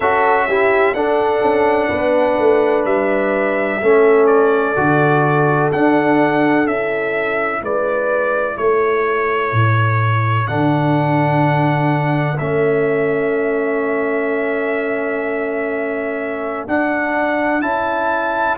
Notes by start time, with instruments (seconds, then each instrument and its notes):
0.00 tuba C#4, trombone F#4, horn A4, trumpet E5
0.47 trombone E4, horn G4
0.93 tuba D4, trombone D4, horn A4, trumpet F#5
1.41 tuba C#4
1.88 tuba B3, horn B4
2.38 tuba A3
2.84 tuba G3, trumpet E5
3.81 tuba A3, trombone C#4, horn A4
4.26 trumpet D5
4.76 tuba D3, trombone F#4
5.71 tuba D4, trombone D4, trumpet F#5
6.65 tuba C#4, trombone E4, trumpet E5
7.62 tuba G#3, horn B4, trumpet D5
8.56 tuba A3, horn A4, trumpet C#5
9.52 tuba A2
10.46 tuba D3, trombone D4, trumpet F#5
12.38 tuba A3, trombone C#4, trumpet E5
16.67 tuba D4, trombone D4, trumpet F#5
17.61 tuba C#4, trombone E4, trumpet A5